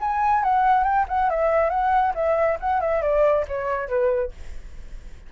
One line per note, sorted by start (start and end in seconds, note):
0.00 0.43 G#5
0.43 0.84 F#5
0.84 1.05 G5
1.08 1.29 F#5
1.29 1.70 E5
1.70 2.13 F#5
2.14 2.58 E5
2.60 2.80 F#5
2.80 3.02 E5
3.02 3.45 D5
3.47 3.88 C#5
3.88 4.31 B4